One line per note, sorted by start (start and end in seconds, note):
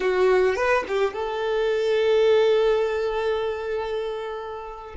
0.00 0.55 F#4
0.55 0.84 B4
0.87 1.13 G4
1.13 4.95 A4